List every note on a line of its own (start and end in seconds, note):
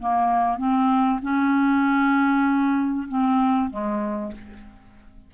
0.00 0.58 A#3
0.58 1.20 C4
1.23 3.08 C#4
3.09 3.71 C4
3.71 4.33 G#3